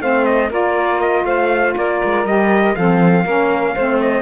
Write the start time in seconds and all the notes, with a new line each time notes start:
0.00 A3 C4 C5 F5
0.25 D#5
0.49 A#3 F4 A#4 D5
1.00 D#5
1.24 A3 C5 F5
1.76 A#3 A#4 D5
2.04 G#3
2.25 G3 G4 D#5
2.75 F3 C4 A4 F5
3.24 A#3 C#4 A#4
3.74 A3 C4 C5
4.00 D#5